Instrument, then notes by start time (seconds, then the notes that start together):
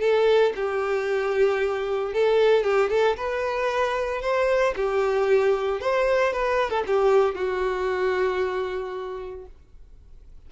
violin
0.00 A4
0.55 G4
2.13 A4
2.63 G4
2.90 A4
3.17 B4
4.21 C5
4.76 G4
5.81 C5
6.33 B4
6.70 A4
6.87 G4
7.35 F#4